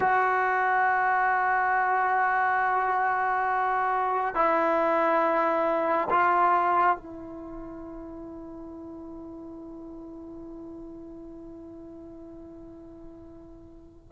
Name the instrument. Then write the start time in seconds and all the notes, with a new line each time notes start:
trombone
0.00 F#4
4.34 E4
6.10 F4
6.96 E4